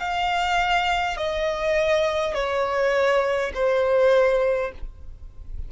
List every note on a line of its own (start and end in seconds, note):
0.00 1.18 F5
1.18 2.35 D#5
2.35 3.52 C#5
3.55 4.72 C5